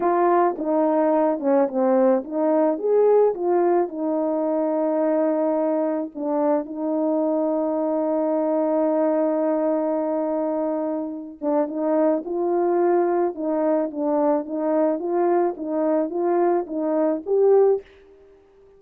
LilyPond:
\new Staff \with { instrumentName = "horn" } { \time 4/4 \tempo 4 = 108 f'4 dis'4. cis'8 c'4 | dis'4 gis'4 f'4 dis'4~ | dis'2. d'4 | dis'1~ |
dis'1~ | dis'8 d'8 dis'4 f'2 | dis'4 d'4 dis'4 f'4 | dis'4 f'4 dis'4 g'4 | }